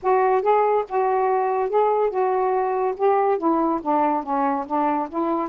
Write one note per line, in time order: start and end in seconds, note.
0.02 0.41 F#4
0.41 0.84 G#4
0.88 1.69 F#4
1.69 2.10 G#4
2.10 2.94 F#4
2.97 3.38 G4
3.38 3.80 E4
3.81 4.23 D4
4.23 4.65 C#4
4.66 5.08 D4
5.09 5.48 E4